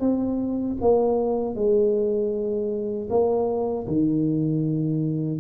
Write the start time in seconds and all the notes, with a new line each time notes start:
0.00 C4
0.81 A#3
1.55 G#3
3.10 A#3
3.87 D#3